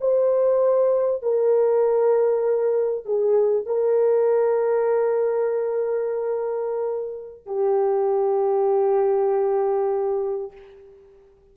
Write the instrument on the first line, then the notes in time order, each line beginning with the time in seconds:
horn
0.00 C5
1.22 A#4
3.05 G#4
3.66 A#4
7.46 G4